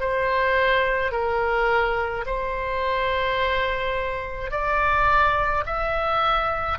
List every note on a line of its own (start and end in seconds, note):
0.00 1.12 C5
1.12 2.25 A#4
2.26 4.51 C5
4.51 5.64 D5
5.66 6.79 E5